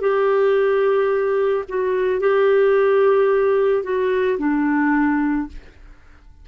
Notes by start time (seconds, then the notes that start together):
0.00 G4
1.69 F#4
2.20 G4
3.83 F#4
4.38 D4